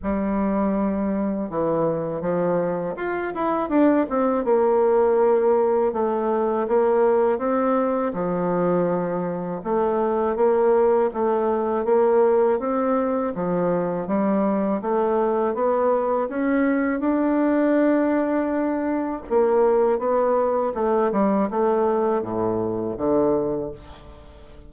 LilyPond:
\new Staff \with { instrumentName = "bassoon" } { \time 4/4 \tempo 4 = 81 g2 e4 f4 | f'8 e'8 d'8 c'8 ais2 | a4 ais4 c'4 f4~ | f4 a4 ais4 a4 |
ais4 c'4 f4 g4 | a4 b4 cis'4 d'4~ | d'2 ais4 b4 | a8 g8 a4 a,4 d4 | }